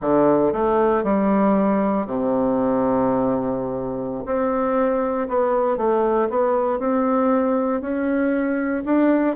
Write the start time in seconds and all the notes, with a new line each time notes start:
0.01 D3
0.52 A3
1.03 G3
2.06 C3
4.25 C4
5.28 B3
5.77 A3
6.29 B3
6.79 C4
7.81 C#4
8.85 D4